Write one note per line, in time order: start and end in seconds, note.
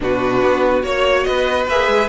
0.00 0.42 B2
0.00 0.82 D4
0.00 0.85 F#4
0.00 0.83 B4
0.42 0.83 B3
0.82 1.25 A#3
0.82 1.66 F#4
0.82 1.23 C#5
0.82 1.26 C#5
1.23 1.67 B3
1.23 2.08 B4
1.23 1.65 D#5
1.67 1.87 A#3
1.67 2.08 G#4
1.67 2.08 E5
1.87 2.08 G#3